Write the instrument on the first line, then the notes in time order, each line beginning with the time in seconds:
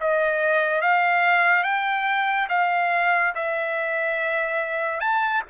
trumpet
0.00 D#5
0.81 F5
1.63 G5
2.49 F5
3.35 E5
5.00 A5